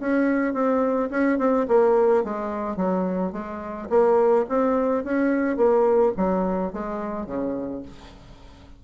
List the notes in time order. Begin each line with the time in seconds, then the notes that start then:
0.00 C#4
0.54 C4
1.10 C#4
1.38 C4
1.68 A#3
2.24 G#3
2.76 F#3
3.32 G#3
3.90 A#3
4.49 C4
5.04 C#4
5.57 A#3
6.17 F#3
6.73 G#3
7.26 C#3